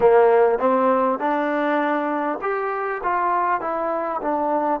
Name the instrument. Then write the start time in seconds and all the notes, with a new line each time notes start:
trombone
0.00 A#3
0.58 C4
1.18 D4
2.41 G4
3.03 F4
3.60 E4
4.22 D4